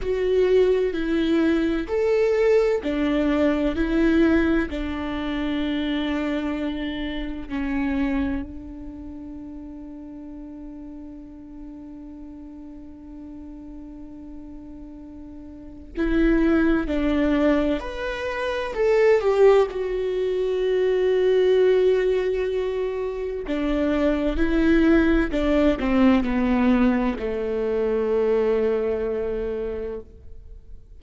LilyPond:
\new Staff \with { instrumentName = "viola" } { \time 4/4 \tempo 4 = 64 fis'4 e'4 a'4 d'4 | e'4 d'2. | cis'4 d'2.~ | d'1~ |
d'4 e'4 d'4 b'4 | a'8 g'8 fis'2.~ | fis'4 d'4 e'4 d'8 c'8 | b4 a2. | }